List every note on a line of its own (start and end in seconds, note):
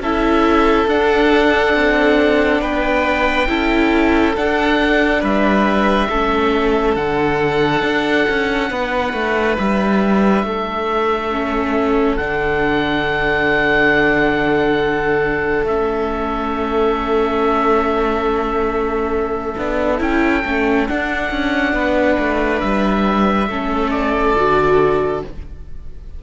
0.00 0.87 C#4
0.00 0.88 E4
0.00 2.61 A4
0.00 0.89 E5
0.88 1.75 D4
0.88 3.48 D4
0.88 2.62 F#5
1.75 2.61 C4
2.61 3.48 B3
2.61 3.48 B4
2.61 4.36 G5
3.48 4.36 C#4
3.48 4.35 E4
3.48 5.21 A4
4.36 6.10 D4
4.36 5.23 D4
4.36 5.24 F#5
5.21 6.09 G3
5.21 6.08 B4
5.21 6.96 E5
6.09 6.96 A3
6.09 6.99 C#4
6.09 8.71 A4
6.96 7.83 D3
6.96 11.32 D4
6.96 9.57 F#5
7.83 8.26 D4
8.30 8.71 C#4
8.71 9.14 B3
8.71 10.46 B4
9.14 9.57 A3
9.59 10.44 G3
9.59 12.17 E5
10.44 12.18 A3
10.44 21.75 A4
11.32 12.19 C#4
12.17 15.64 D3
12.17 15.67 D4
12.17 15.65 F#5
15.64 19.55 A3
15.64 19.58 C#4
15.64 20.02 E5
19.58 20.01 B3
19.58 19.98 D4
19.98 20.44 C#4
19.98 20.42 E4
19.98 20.89 G5
20.45 20.89 A3
20.45 20.89 C#4
20.89 23.50 D4
20.89 21.31 D4
20.89 22.61 F#5
21.31 21.73 C#4
21.73 22.17 B3
21.73 23.49 B4
22.19 22.62 A3
22.61 23.49 G3
22.61 23.91 E5
23.49 24.36 A3
23.49 24.36 C#4
23.49 25.23 A4
23.91 25.22 D5
24.36 25.23 D3
24.36 25.23 F#4